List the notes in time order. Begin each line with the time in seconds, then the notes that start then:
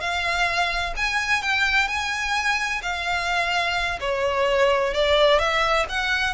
0.00 F5
0.97 G#5
1.42 G5
1.87 G#5
2.82 F5
4.00 C#5
4.93 D5
5.39 E5
5.88 F#5